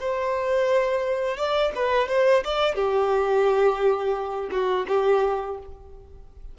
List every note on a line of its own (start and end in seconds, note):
0.00 1.37 C5
1.37 1.72 D5
1.75 2.08 B4
2.08 2.43 C5
2.44 2.75 D5
2.75 4.50 G4
4.51 4.86 F#4
4.88 5.58 G4